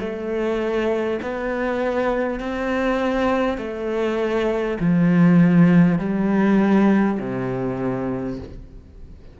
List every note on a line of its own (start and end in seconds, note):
0.00 1.20 A3
1.22 2.40 B3
2.40 3.58 C4
3.58 4.78 A3
4.79 5.98 F3
5.98 7.18 G3
7.19 8.39 C3